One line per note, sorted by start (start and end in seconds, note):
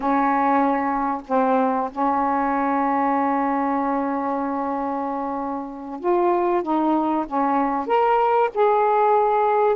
0.00 1.21 C#4
1.27 1.90 C4
1.91 6.00 C#4
6.00 6.62 F4
6.62 7.25 D#4
7.27 7.86 C#4
7.86 8.49 A#4
8.54 9.76 G#4